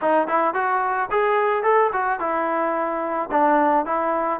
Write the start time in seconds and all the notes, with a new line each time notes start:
0.01 D#4
0.27 E4
0.54 F#4
1.10 G#4
1.63 A4
1.92 F#4
2.19 E4
3.31 D4
3.85 E4